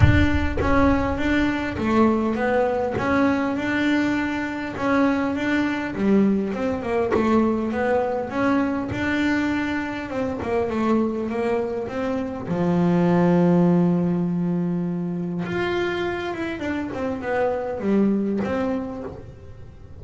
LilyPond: \new Staff \with { instrumentName = "double bass" } { \time 4/4 \tempo 4 = 101 d'4 cis'4 d'4 a4 | b4 cis'4 d'2 | cis'4 d'4 g4 c'8 ais8 | a4 b4 cis'4 d'4~ |
d'4 c'8 ais8 a4 ais4 | c'4 f2.~ | f2 f'4. e'8 | d'8 c'8 b4 g4 c'4 | }